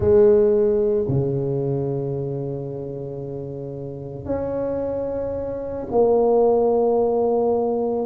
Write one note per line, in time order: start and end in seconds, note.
0.00 1.05 G#3
1.08 4.25 C#3
4.25 5.85 C#4
5.91 8.05 A#3